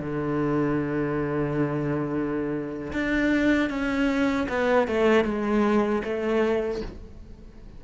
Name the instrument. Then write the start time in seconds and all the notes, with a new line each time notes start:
cello
0.00 D3
2.93 D4
3.69 C#4
4.49 B3
4.87 A3
5.24 G#3
6.04 A3